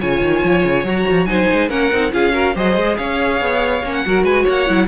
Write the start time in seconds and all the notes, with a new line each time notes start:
0.00 C#3 F4 C#5 G#5
0.21 D#3
0.44 F3
0.64 C#3
0.84 F#3 F#4 A#5
1.10 F3
1.25 F#3 D#4 C5 G#5
1.52 G#3
1.69 A#3 C#4 A#4 F#5
1.92 C4 D#4
2.11 C#4 F4 G#4 F5
2.32 F#4 A#4
2.55 F#3 G#4 C5 D#5
2.76 G#3
2.97 C#4 C#5 F5
3.41 B3
3.84 A#3 C#4
3.92 F#5
4.05 F#3 F#4 A#4
4.23 G#3 B4 G#5
4.43 A#3 C#5
4.49 F#5
4.67 F#3 E4